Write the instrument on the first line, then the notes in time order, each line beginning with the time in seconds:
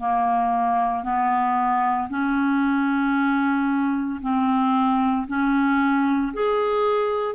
clarinet
0.00 A#3
1.04 B3
2.10 C#4
4.22 C4
5.28 C#4
6.34 G#4